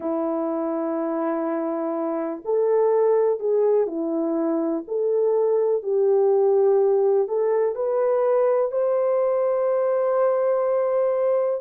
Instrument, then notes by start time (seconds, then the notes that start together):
horn
0.00 E4
2.45 A4
3.39 G#4
3.86 E4
4.87 A4
5.82 G4
7.28 A4
7.75 B4
8.71 C5